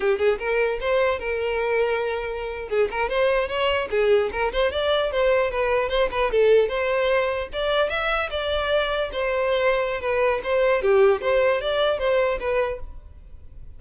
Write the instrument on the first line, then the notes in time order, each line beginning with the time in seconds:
violin
0.00 G4
0.18 G#4
0.39 A#4
0.80 C5
1.19 A#4
2.68 G#4
2.91 A#4
3.09 C5
3.48 C#5
3.90 G#4
4.31 A#4
4.52 C5
4.71 D5
5.11 C5
5.51 B4
5.89 C5
6.11 B4
6.31 A4
6.68 C5
7.52 D5
7.89 E5
8.30 D5
9.12 C5
10.00 B4
10.43 C5
10.82 G4
11.21 C5
11.61 D5
11.99 C5
12.39 B4